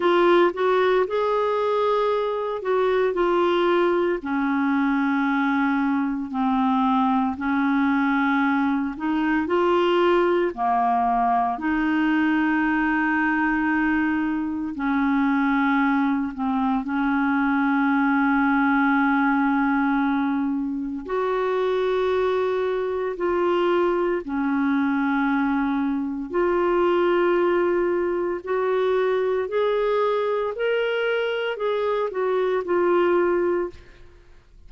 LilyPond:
\new Staff \with { instrumentName = "clarinet" } { \time 4/4 \tempo 4 = 57 f'8 fis'8 gis'4. fis'8 f'4 | cis'2 c'4 cis'4~ | cis'8 dis'8 f'4 ais4 dis'4~ | dis'2 cis'4. c'8 |
cis'1 | fis'2 f'4 cis'4~ | cis'4 f'2 fis'4 | gis'4 ais'4 gis'8 fis'8 f'4 | }